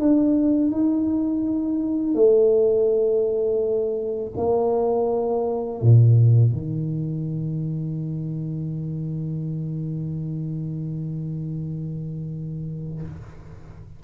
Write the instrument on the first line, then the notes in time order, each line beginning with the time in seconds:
tuba
0.00 D4
0.71 D#4
2.15 A3
4.37 A#3
5.82 A#2
6.53 D#3